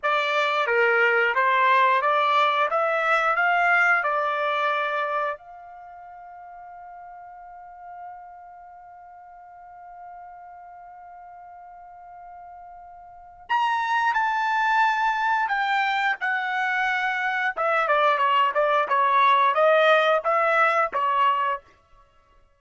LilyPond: \new Staff \with { instrumentName = "trumpet" } { \time 4/4 \tempo 4 = 89 d''4 ais'4 c''4 d''4 | e''4 f''4 d''2 | f''1~ | f''1~ |
f''1 | ais''4 a''2 g''4 | fis''2 e''8 d''8 cis''8 d''8 | cis''4 dis''4 e''4 cis''4 | }